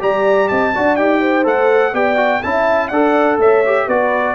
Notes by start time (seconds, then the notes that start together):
0.00 G3 G4 D5 A#5
0.49 C4 D#5 A5
0.74 D4 F#4 D5
0.96 D#4 G4 G5
1.20 C5
1.44 A3 A4 F#5
1.93 B3 G4 D5 G5
2.16 F#4
2.43 C#4 E4 E5 A5
2.88 D4 A4 D5 F#5
3.38 A3 C#5 E5
3.66 G4
3.86 B3 F#4 B4 D5